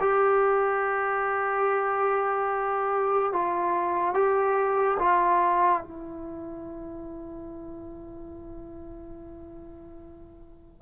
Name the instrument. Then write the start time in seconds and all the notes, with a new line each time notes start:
trombone
0.00 G4
3.32 F4
4.14 G4
4.98 F4
5.82 E4